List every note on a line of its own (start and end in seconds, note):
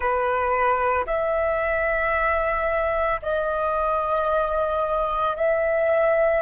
0.00 1.05 B4
1.06 3.20 E5
3.22 5.36 D#5
5.36 6.42 E5